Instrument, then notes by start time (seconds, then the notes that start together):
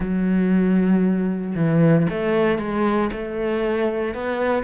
cello
0.00 F#3
1.55 E3
2.09 A3
2.58 G#3
3.12 A3
4.14 B3